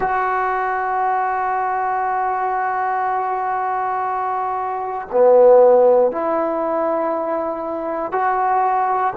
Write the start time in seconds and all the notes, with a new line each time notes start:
0.00 F#4
5.11 B3
6.11 E4
8.11 F#4